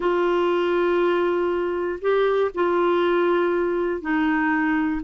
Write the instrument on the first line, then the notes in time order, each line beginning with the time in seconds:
clarinet
0.00 F4
2.01 G4
2.54 F4
4.01 D#4